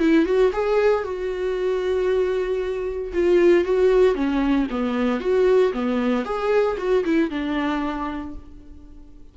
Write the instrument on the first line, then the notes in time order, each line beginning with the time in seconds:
viola
0.00 E4
0.26 F#4
0.53 G#4
1.04 F#4
3.14 F4
3.65 F#4
4.15 C#4
4.71 B3
5.21 F#4
5.73 B3
6.25 G#4
6.78 F#4
7.05 E4
7.31 D4